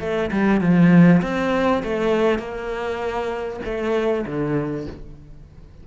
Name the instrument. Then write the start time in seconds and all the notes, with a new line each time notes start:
cello
0.00 A3
0.31 G3
0.61 F3
1.22 C4
1.83 A3
2.39 A#3
3.64 A3
4.26 D3